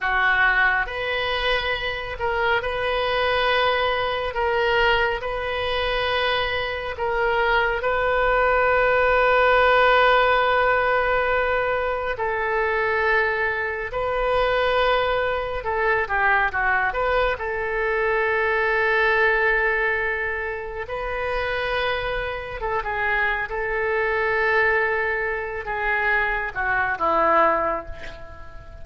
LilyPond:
\new Staff \with { instrumentName = "oboe" } { \time 4/4 \tempo 4 = 69 fis'4 b'4. ais'8 b'4~ | b'4 ais'4 b'2 | ais'4 b'2.~ | b'2 a'2 |
b'2 a'8 g'8 fis'8 b'8 | a'1 | b'2 a'16 gis'8. a'4~ | a'4. gis'4 fis'8 e'4 | }